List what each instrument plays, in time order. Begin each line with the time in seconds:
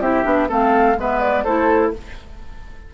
0.00 bassoon C4, clarinet E4, oboe G4, flute E5
0.24 bassoon B3, clarinet D4
0.48 bassoon A3, clarinet C4, oboe A4, flute F5
0.97 bassoon G#3, clarinet B3, oboe B4, flute E5
1.20 flute D5
1.44 bassoon A3, clarinet E4, oboe A4, flute C5